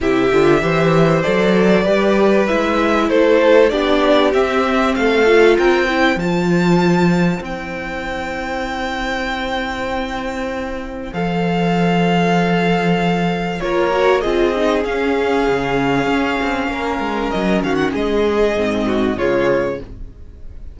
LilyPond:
<<
  \new Staff \with { instrumentName = "violin" } { \time 4/4 \tempo 4 = 97 e''2 d''2 | e''4 c''4 d''4 e''4 | f''4 g''4 a''2 | g''1~ |
g''2 f''2~ | f''2 cis''4 dis''4 | f''1 | dis''8 f''16 fis''16 dis''2 cis''4 | }
  \new Staff \with { instrumentName = "violin" } { \time 4/4 g'4 c''2 b'4~ | b'4 a'4 g'2 | a'4 ais'8 c''2~ c''8~ | c''1~ |
c''1~ | c''2 ais'4 gis'4~ | gis'2. ais'4~ | ais'8 fis'8 gis'4. fis'8 f'4 | }
  \new Staff \with { instrumentName = "viola" } { \time 4/4 e'8 f'8 g'4 a'4 g'4 | e'2 d'4 c'4~ | c'8 f'4 e'8 f'2 | e'1~ |
e'2 a'2~ | a'2 f'8 fis'8 f'8 dis'8 | cis'1~ | cis'2 c'4 gis4 | }
  \new Staff \with { instrumentName = "cello" } { \time 4/4 c8 d8 e4 fis4 g4 | gis4 a4 b4 c'4 | a4 c'4 f2 | c'1~ |
c'2 f2~ | f2 ais4 c'4 | cis'4 cis4 cis'8 c'8 ais8 gis8 | fis8 dis8 gis4 gis,4 cis4 | }
>>